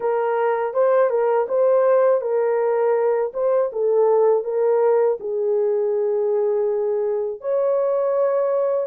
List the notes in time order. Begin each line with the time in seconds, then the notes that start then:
0.00 A#4
0.73 C5
1.09 A#4
1.48 C5
2.21 A#4
3.33 C5
3.72 A4
4.44 A#4
5.20 G#4
7.40 C#5